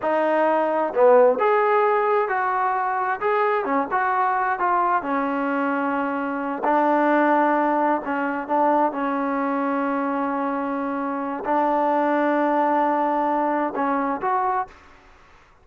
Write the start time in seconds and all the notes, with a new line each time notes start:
0.02 D#4
0.94 B3
1.39 G#4
2.28 F#4
3.20 G#4
3.64 C#4
3.91 F#4
4.59 F4
5.02 C#4
6.64 D4
8.05 C#4
8.47 D4
8.92 C#4
11.44 D4
13.75 C#4
14.21 F#4